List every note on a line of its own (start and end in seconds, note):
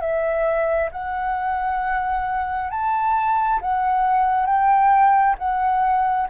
0.00 0.90 E5
0.92 2.70 F#5
2.70 3.60 A5
3.61 4.46 F#5
4.46 5.35 G5
5.38 6.28 F#5